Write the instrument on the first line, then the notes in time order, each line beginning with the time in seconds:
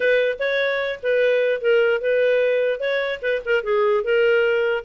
clarinet
0.00 B4
0.39 C#5
1.02 B4
1.61 A#4
2.01 B4
2.79 C#5
3.21 B4
3.45 A#4
3.63 G#4
4.03 A#4